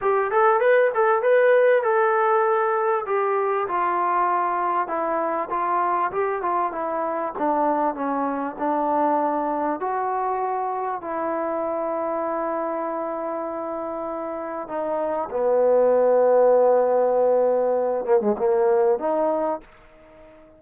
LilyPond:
\new Staff \with { instrumentName = "trombone" } { \time 4/4 \tempo 4 = 98 g'8 a'8 b'8 a'8 b'4 a'4~ | a'4 g'4 f'2 | e'4 f'4 g'8 f'8 e'4 | d'4 cis'4 d'2 |
fis'2 e'2~ | e'1 | dis'4 b2.~ | b4. ais16 gis16 ais4 dis'4 | }